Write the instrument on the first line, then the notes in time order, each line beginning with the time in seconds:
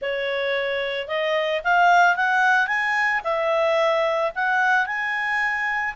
clarinet
0.01 C#5
1.07 D#5
1.63 F5
2.16 F#5
2.67 G#5
3.24 E5
4.35 F#5
4.86 G#5